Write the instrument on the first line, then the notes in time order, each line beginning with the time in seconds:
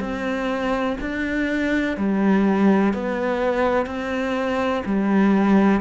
cello
0.00 C4
1.00 D4
1.97 G3
2.93 B3
3.86 C4
4.86 G3